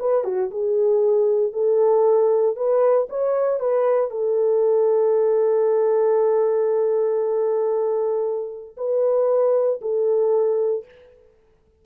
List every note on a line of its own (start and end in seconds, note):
0.00 0.25 B4
0.25 0.51 F#4
0.51 1.53 G#4
1.53 2.57 A4
2.57 3.08 B4
3.10 3.60 C#5
3.60 4.11 B4
4.11 8.76 A4
8.77 9.81 B4
9.82 10.86 A4